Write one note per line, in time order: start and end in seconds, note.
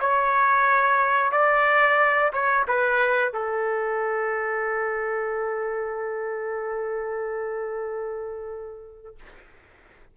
0.00 1.32 C#5
1.32 2.32 D5
2.32 2.66 C#5
2.68 3.33 B4
3.33 9.16 A4